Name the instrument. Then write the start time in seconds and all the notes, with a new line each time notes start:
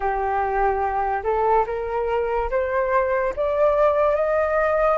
flute
0.00 G4
1.23 A4
1.66 A#4
2.50 C5
3.36 D5
4.15 D#5